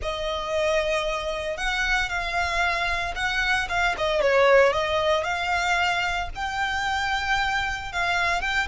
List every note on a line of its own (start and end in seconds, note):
0.02 1.57 D#5
1.57 2.09 F#5
2.09 3.14 F5
3.15 3.67 F#5
3.68 3.95 F5
3.97 4.21 D#5
4.21 4.72 C#5
4.72 5.24 D#5
5.24 6.29 F5
6.35 7.92 G5
7.92 8.41 F5
8.41 8.67 G5